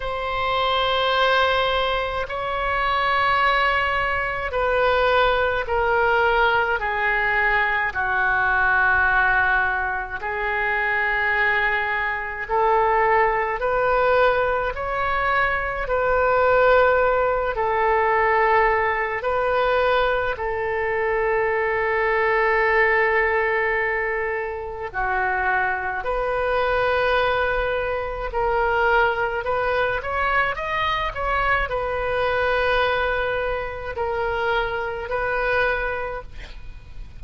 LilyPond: \new Staff \with { instrumentName = "oboe" } { \time 4/4 \tempo 4 = 53 c''2 cis''2 | b'4 ais'4 gis'4 fis'4~ | fis'4 gis'2 a'4 | b'4 cis''4 b'4. a'8~ |
a'4 b'4 a'2~ | a'2 fis'4 b'4~ | b'4 ais'4 b'8 cis''8 dis''8 cis''8 | b'2 ais'4 b'4 | }